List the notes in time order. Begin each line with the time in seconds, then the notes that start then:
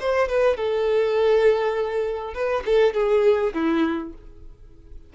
0.00 C5
0.29 B4
0.57 A4
2.34 B4
2.66 A4
2.94 G#4
3.54 E4